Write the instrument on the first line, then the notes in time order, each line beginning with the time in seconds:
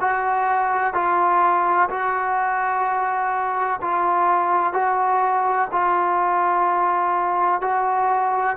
trombone
0.00 F#4
0.94 F4
1.90 F#4
3.81 F4
4.73 F#4
5.72 F4
7.61 F#4